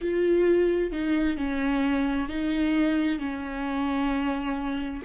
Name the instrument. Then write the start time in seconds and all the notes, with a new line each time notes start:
viola
0.01 F4
0.92 D#4
1.37 C#4
2.28 D#4
3.19 C#4